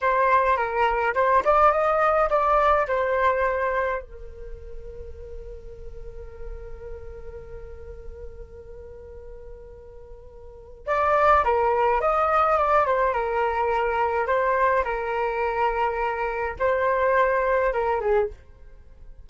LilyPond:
\new Staff \with { instrumentName = "flute" } { \time 4/4 \tempo 4 = 105 c''4 ais'4 c''8 d''8 dis''4 | d''4 c''2 ais'4~ | ais'1~ | ais'1~ |
ais'2. d''4 | ais'4 dis''4 d''8 c''8 ais'4~ | ais'4 c''4 ais'2~ | ais'4 c''2 ais'8 gis'8 | }